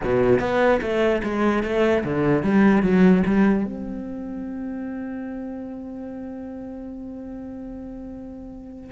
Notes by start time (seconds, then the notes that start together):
0.04 B2
0.39 B3
0.81 A3
1.23 G#3
1.63 A3
2.04 D3
2.43 G3
2.82 F#3
3.26 G3
3.65 C4